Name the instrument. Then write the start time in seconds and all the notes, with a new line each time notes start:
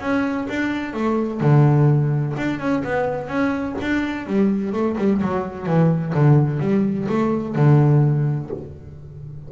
double bass
0.00 C#4
0.49 D4
0.93 A3
1.40 D3
2.37 D4
2.59 C#4
2.83 B3
3.27 C#4
3.81 D4
4.26 G3
4.72 A3
4.97 G3
5.22 F#3
5.66 E3
6.14 D3
6.59 G3
7.08 A3
7.55 D3